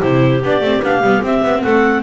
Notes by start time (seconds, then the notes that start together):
0.00 C3 E4 G4 C5
0.44 B3 D4 D5
0.61 A3 C4
0.83 B3 D4 F5
1.01 G3 B3
1.22 C4 E5
1.43 B3
1.63 A3 A4 F#5